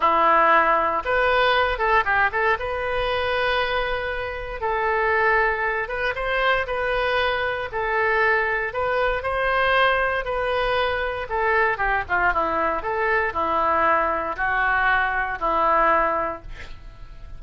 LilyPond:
\new Staff \with { instrumentName = "oboe" } { \time 4/4 \tempo 4 = 117 e'2 b'4. a'8 | g'8 a'8 b'2.~ | b'4 a'2~ a'8 b'8 | c''4 b'2 a'4~ |
a'4 b'4 c''2 | b'2 a'4 g'8 f'8 | e'4 a'4 e'2 | fis'2 e'2 | }